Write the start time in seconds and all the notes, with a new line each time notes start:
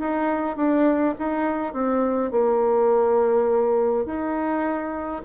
0.00 D#4
0.57 D4
1.19 D#4
1.73 C4
2.31 A#3
4.06 D#4